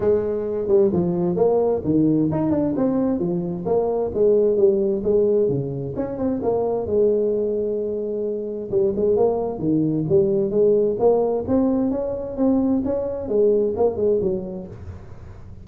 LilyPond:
\new Staff \with { instrumentName = "tuba" } { \time 4/4 \tempo 4 = 131 gis4. g8 f4 ais4 | dis4 dis'8 d'8 c'4 f4 | ais4 gis4 g4 gis4 | cis4 cis'8 c'8 ais4 gis4~ |
gis2. g8 gis8 | ais4 dis4 g4 gis4 | ais4 c'4 cis'4 c'4 | cis'4 gis4 ais8 gis8 fis4 | }